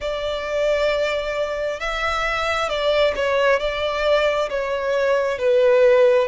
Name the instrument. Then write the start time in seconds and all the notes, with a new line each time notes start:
violin
0.00 D5
1.80 E5
2.69 D5
3.15 C#5
3.59 D5
4.49 C#5
5.38 B4